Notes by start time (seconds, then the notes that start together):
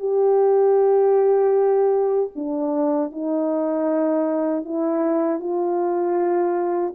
0.00 G4
2.36 D4
3.12 D#4
4.65 E4
5.40 F4